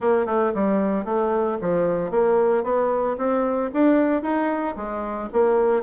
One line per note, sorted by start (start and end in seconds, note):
0.00 0.26 A#3
0.26 0.52 A3
0.54 1.04 G3
1.04 1.57 A3
1.61 2.10 F3
2.10 2.63 A#3
2.63 3.16 B3
3.17 3.70 C4
3.73 4.22 D4
4.22 4.75 D#4
4.76 5.29 G#3
5.32 5.82 A#3